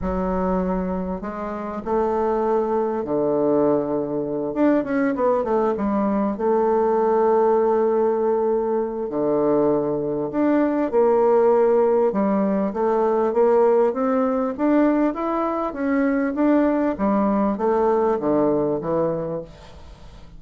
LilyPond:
\new Staff \with { instrumentName = "bassoon" } { \time 4/4 \tempo 4 = 99 fis2 gis4 a4~ | a4 d2~ d8 d'8 | cis'8 b8 a8 g4 a4.~ | a2. d4~ |
d4 d'4 ais2 | g4 a4 ais4 c'4 | d'4 e'4 cis'4 d'4 | g4 a4 d4 e4 | }